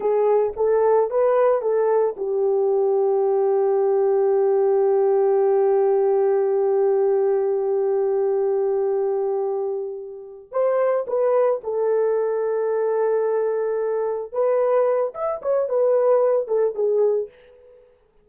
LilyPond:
\new Staff \with { instrumentName = "horn" } { \time 4/4 \tempo 4 = 111 gis'4 a'4 b'4 a'4 | g'1~ | g'1~ | g'1~ |
g'2.~ g'8 c''8~ | c''8 b'4 a'2~ a'8~ | a'2~ a'8 b'4. | e''8 cis''8 b'4. a'8 gis'4 | }